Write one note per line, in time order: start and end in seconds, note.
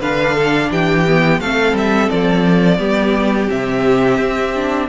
0.00 0.70 D3
0.00 1.06 D4
0.00 0.34 B4
0.00 0.71 F5
0.34 0.69 A4
0.70 1.40 E3
0.70 1.40 G4
0.70 1.40 G5
1.07 1.42 B3
1.40 1.72 A3
1.40 2.78 C4
1.40 2.77 A4
1.40 1.75 F5
1.72 2.07 G3
1.72 2.09 E5
2.09 2.78 F3
2.09 3.49 D5
2.77 3.48 G3
2.77 3.47 B3
2.77 4.87 G4
3.47 4.18 C3
3.47 4.52 C4
3.47 4.88 E5
4.18 4.88 C4
4.55 4.88 D4